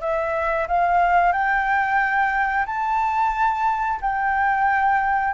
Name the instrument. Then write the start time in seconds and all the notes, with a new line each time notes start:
flute
0.00 E5
0.68 F5
1.32 G5
2.66 A5
4.01 G5